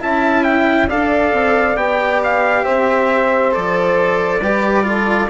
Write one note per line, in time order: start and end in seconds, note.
0.00 0.91 C#4
0.00 0.89 E4
0.00 0.87 E5
0.00 0.44 A5
0.44 0.88 G5
0.87 1.33 D4
0.87 1.77 A4
0.87 2.63 D5
0.87 1.77 F5
1.33 1.76 C4
1.76 2.64 B3
1.76 3.52 G4
1.76 2.21 G5
2.24 2.65 F5
2.63 3.56 C4
2.63 4.40 C5
2.63 3.53 E5
3.52 4.41 F3
3.52 4.40 A4
3.52 5.30 D5
4.40 5.29 G3
4.40 4.84 G4
4.40 4.84 B4
4.84 5.28 F4
4.84 5.30 A4